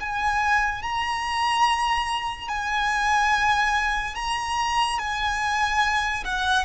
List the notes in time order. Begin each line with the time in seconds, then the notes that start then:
0.00 G#5
0.83 A#5
2.48 G#5
4.15 A#5
4.99 G#5
6.24 F#5